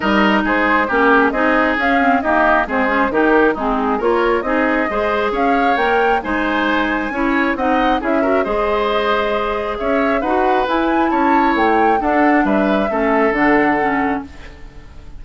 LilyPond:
<<
  \new Staff \with { instrumentName = "flute" } { \time 4/4 \tempo 4 = 135 dis''4 c''4 ais'8 gis'8 dis''4 | f''4 dis''4 c''4 ais'4 | gis'4 cis''4 dis''2 | f''4 g''4 gis''2~ |
gis''4 fis''4 e''4 dis''4~ | dis''2 e''4 fis''4 | gis''4 a''4 g''4 fis''4 | e''2 fis''2 | }
  \new Staff \with { instrumentName = "oboe" } { \time 4/4 ais'4 gis'4 g'4 gis'4~ | gis'4 g'4 gis'4 g'4 | dis'4 ais'4 gis'4 c''4 | cis''2 c''2 |
cis''4 dis''4 gis'8 ais'8 c''4~ | c''2 cis''4 b'4~ | b'4 cis''2 a'4 | b'4 a'2. | }
  \new Staff \with { instrumentName = "clarinet" } { \time 4/4 dis'2 cis'4 dis'4 | cis'8 c'8 ais4 c'8 cis'8 dis'4 | c'4 f'4 dis'4 gis'4~ | gis'4 ais'4 dis'2 |
e'4 dis'4 e'8 fis'8 gis'4~ | gis'2. fis'4 | e'2. d'4~ | d'4 cis'4 d'4 cis'4 | }
  \new Staff \with { instrumentName = "bassoon" } { \time 4/4 g4 gis4 ais4 c'4 | cis'4 dis'4 gis4 dis4 | gis4 ais4 c'4 gis4 | cis'4 ais4 gis2 |
cis'4 c'4 cis'4 gis4~ | gis2 cis'4 dis'4 | e'4 cis'4 a4 d'4 | g4 a4 d2 | }
>>